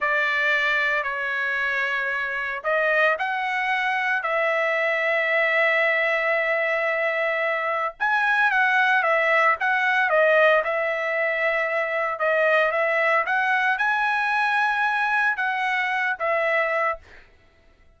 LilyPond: \new Staff \with { instrumentName = "trumpet" } { \time 4/4 \tempo 4 = 113 d''2 cis''2~ | cis''4 dis''4 fis''2 | e''1~ | e''2. gis''4 |
fis''4 e''4 fis''4 dis''4 | e''2. dis''4 | e''4 fis''4 gis''2~ | gis''4 fis''4. e''4. | }